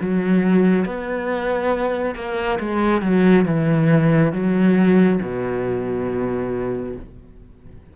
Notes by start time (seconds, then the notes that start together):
0.00 F#3
0.85 B3
2.15 A#3
2.60 G#3
3.02 F#3
3.45 E3
4.32 F#3
5.22 B2